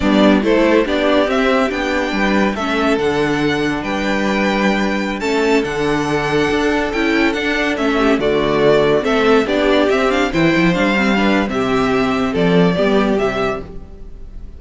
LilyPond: <<
  \new Staff \with { instrumentName = "violin" } { \time 4/4 \tempo 4 = 141 d''4 c''4 d''4 e''4 | g''2 e''4 fis''4~ | fis''4 g''2.~ | g''16 a''4 fis''2~ fis''8.~ |
fis''16 g''4 fis''4 e''4 d''8.~ | d''4~ d''16 e''4 d''4 e''8 f''16~ | f''16 g''4 f''4.~ f''16 e''4~ | e''4 d''2 e''4 | }
  \new Staff \with { instrumentName = "violin" } { \time 4/4 d'4 a'4 g'2~ | g'4 b'4 a'2~ | a'4 b'2.~ | b'16 a'2.~ a'8.~ |
a'2~ a'8. g'8 fis'8.~ | fis'4~ fis'16 a'4 g'4.~ g'16~ | g'16 c''2 b'8. g'4~ | g'4 a'4 g'2 | }
  \new Staff \with { instrumentName = "viola" } { \time 4/4 b4 e'4 d'4 c'4 | d'2 cis'4 d'4~ | d'1~ | d'16 cis'4 d'2~ d'8.~ |
d'16 e'4 d'4 cis'4 a8.~ | a4~ a16 c'4 d'4 c'8 d'16~ | d'16 e'4 d'8 c'8 d'8. c'4~ | c'2 b4 g4 | }
  \new Staff \with { instrumentName = "cello" } { \time 4/4 g4 a4 b4 c'4 | b4 g4 a4 d4~ | d4 g2.~ | g16 a4 d2 d'8.~ |
d'16 cis'4 d'4 a4 d8.~ | d4~ d16 a4 b4 c'8.~ | c'16 e8 f8 g4.~ g16 c4~ | c4 f4 g4 c4 | }
>>